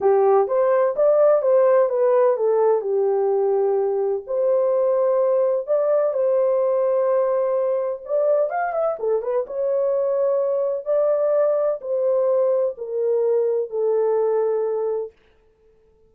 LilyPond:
\new Staff \with { instrumentName = "horn" } { \time 4/4 \tempo 4 = 127 g'4 c''4 d''4 c''4 | b'4 a'4 g'2~ | g'4 c''2. | d''4 c''2.~ |
c''4 d''4 f''8 e''8 a'8 b'8 | cis''2. d''4~ | d''4 c''2 ais'4~ | ais'4 a'2. | }